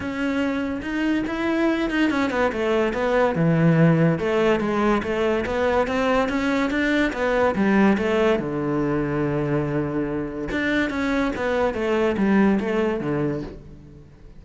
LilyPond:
\new Staff \with { instrumentName = "cello" } { \time 4/4 \tempo 4 = 143 cis'2 dis'4 e'4~ | e'8 dis'8 cis'8 b8 a4 b4 | e2 a4 gis4 | a4 b4 c'4 cis'4 |
d'4 b4 g4 a4 | d1~ | d4 d'4 cis'4 b4 | a4 g4 a4 d4 | }